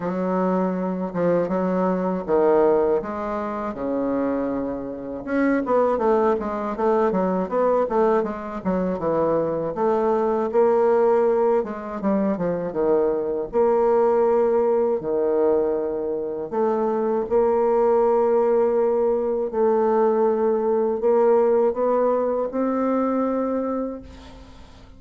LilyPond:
\new Staff \with { instrumentName = "bassoon" } { \time 4/4 \tempo 4 = 80 fis4. f8 fis4 dis4 | gis4 cis2 cis'8 b8 | a8 gis8 a8 fis8 b8 a8 gis8 fis8 | e4 a4 ais4. gis8 |
g8 f8 dis4 ais2 | dis2 a4 ais4~ | ais2 a2 | ais4 b4 c'2 | }